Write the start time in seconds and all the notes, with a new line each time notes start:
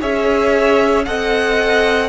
0.00 C#4 G#4 C#5 E5
1.04 C4 A4 D#5 F#5